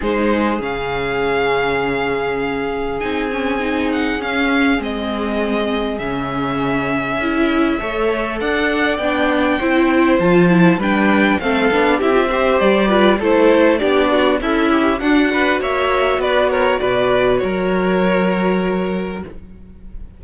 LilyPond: <<
  \new Staff \with { instrumentName = "violin" } { \time 4/4 \tempo 4 = 100 c''4 f''2.~ | f''4 gis''4. fis''8 f''4 | dis''2 e''2~ | e''2 fis''4 g''4~ |
g''4 a''4 g''4 f''4 | e''4 d''4 c''4 d''4 | e''4 fis''4 e''4 d''8 cis''8 | d''4 cis''2. | }
  \new Staff \with { instrumentName = "violin" } { \time 4/4 gis'1~ | gis'1~ | gis'1~ | gis'4 cis''4 d''2 |
c''2 b'4 a'4 | g'8 c''4 b'8 a'4 g'8 fis'8 | e'4 d'8 b'8 cis''4 b'8 ais'8 | b'4 ais'2. | }
  \new Staff \with { instrumentName = "viola" } { \time 4/4 dis'4 cis'2.~ | cis'4 dis'8 cis'8 dis'4 cis'4 | c'2 cis'2 | e'4 a'2 d'4 |
e'4 f'8 e'8 d'4 c'8 d'8 | e'16 f'16 g'4 f'8 e'4 d'4 | a'8 g'8 fis'2.~ | fis'1 | }
  \new Staff \with { instrumentName = "cello" } { \time 4/4 gis4 cis2.~ | cis4 c'2 cis'4 | gis2 cis2 | cis'4 a4 d'4 b4 |
c'4 f4 g4 a8 b8 | c'4 g4 a4 b4 | cis'4 d'4 ais4 b4 | b,4 fis2. | }
>>